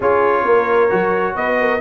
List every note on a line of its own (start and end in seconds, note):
0.00 0.45 C#4
0.00 0.89 F4
0.00 0.44 G#4
0.00 1.36 C#5
0.45 0.90 A#3
0.45 1.35 A#4
0.89 1.36 F#3
0.89 1.80 F#4
1.35 1.81 B3
1.35 1.57 B4
1.35 1.81 D#5
1.60 1.81 A#4